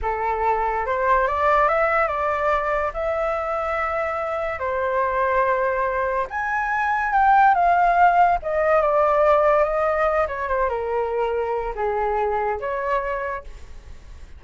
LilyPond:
\new Staff \with { instrumentName = "flute" } { \time 4/4 \tempo 4 = 143 a'2 c''4 d''4 | e''4 d''2 e''4~ | e''2. c''4~ | c''2. gis''4~ |
gis''4 g''4 f''2 | dis''4 d''2 dis''4~ | dis''8 cis''8 c''8 ais'2~ ais'8 | gis'2 cis''2 | }